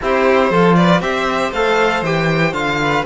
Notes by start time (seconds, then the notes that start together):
0.01 C4 E4 G4 C5
0.50 F3 F4 A4
0.75 B4 D5
1.01 C4 G4 C5 E5
1.51 A3 A4 F5
2.02 E3 G4 G5
2.52 D3 F4 F5
2.81 B4